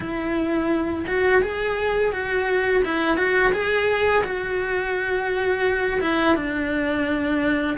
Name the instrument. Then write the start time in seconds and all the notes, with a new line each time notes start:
cello
0.00 E4
1.07 F#4
1.41 G#4
2.12 F#4
2.84 E4
3.17 F#4
3.52 G#4
4.24 F#4
6.00 E4
6.35 D4